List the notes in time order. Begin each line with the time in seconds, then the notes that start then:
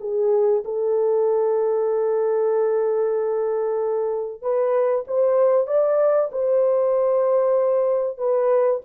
0.00 G#4
0.64 A4
4.42 B4
5.07 C5
5.66 D5
6.31 C5
8.18 B4